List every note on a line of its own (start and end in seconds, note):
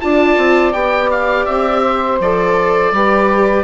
0.00 0.37 D4
0.00 0.73 F4
0.00 1.82 D5
0.00 0.72 A5
0.37 0.73 C4
0.72 1.46 B3
0.72 2.19 G4
0.72 1.09 G5
1.11 1.45 F5
1.45 2.20 C4
1.45 2.18 E5
1.82 2.92 C5
2.20 2.92 F3
2.20 2.94 A4
2.20 3.63 D5
2.92 3.63 G3
2.92 3.63 G4
2.92 3.63 B4